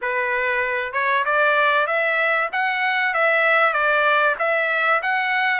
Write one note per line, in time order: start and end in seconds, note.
0.01 0.93 B4
0.93 1.24 C#5
1.25 1.86 D5
1.86 2.49 E5
2.52 3.14 F#5
3.14 3.73 E5
3.73 4.35 D5
4.38 5.01 E5
5.02 5.60 F#5